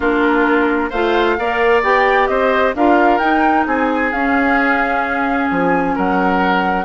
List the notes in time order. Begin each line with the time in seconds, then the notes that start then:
0.00 A#3 D4 F4 A#4
0.89 A3 F4 C5 F5
1.38 A#3 A#4 D5
1.83 B3 G4 G5
2.27 C4 C5 D#5
2.74 D4 F4 A#4 F5
3.18 D#4 G5
3.66 C4 G#4 G#5
4.12 C#4 F5
5.50 F3 G#5
5.95 F#3 A#4 F#5